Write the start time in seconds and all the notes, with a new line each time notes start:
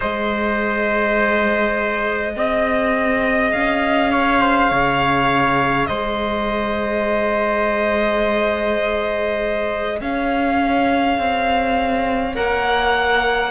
0.00 G#3 G#4 C5 D#5
2.36 C4 D#5
3.51 C#4 F5
4.11 C#5
4.41 C5
4.69 C#3 C#5
5.87 G#3 C5 D#5
10.00 C#4 C#5 F5
11.18 C4
12.34 A#3 A#4 F#5